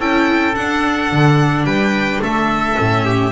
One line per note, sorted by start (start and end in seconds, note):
0.00 0.56 C#4
0.00 0.54 E4
0.00 1.66 A4
0.00 0.55 G5
0.54 2.76 D4
0.54 1.11 D4
0.54 1.65 F#5
1.12 1.65 D3
1.65 2.20 G3
1.65 2.22 B4
1.65 2.21 G5
2.22 2.77 A3
2.22 3.05 A4
2.22 3.32 E5
2.76 3.32 A2
2.76 3.32 C#4
3.05 3.32 G4